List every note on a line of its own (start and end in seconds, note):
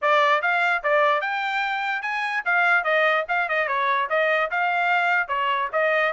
0.01 0.42 D5
0.42 0.82 F5
0.83 1.21 D5
1.21 2.02 G5
2.02 2.43 G#5
2.45 2.84 F5
2.84 3.24 D#5
3.28 3.48 F5
3.48 3.67 D#5
3.67 4.08 C#5
4.09 4.50 D#5
4.50 5.27 F5
5.27 5.68 C#5
5.72 6.12 D#5